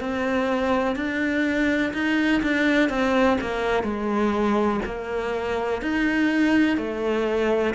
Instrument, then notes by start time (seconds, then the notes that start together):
cello
0.00 C4
0.96 D4
1.93 D#4
2.42 D4
2.89 C4
3.41 A#3
3.83 G#3
4.85 A#3
5.82 D#4
6.77 A3